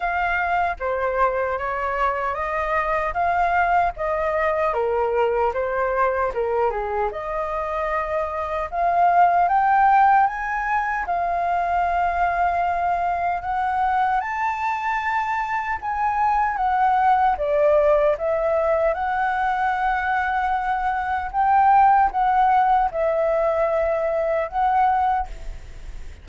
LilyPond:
\new Staff \with { instrumentName = "flute" } { \time 4/4 \tempo 4 = 76 f''4 c''4 cis''4 dis''4 | f''4 dis''4 ais'4 c''4 | ais'8 gis'8 dis''2 f''4 | g''4 gis''4 f''2~ |
f''4 fis''4 a''2 | gis''4 fis''4 d''4 e''4 | fis''2. g''4 | fis''4 e''2 fis''4 | }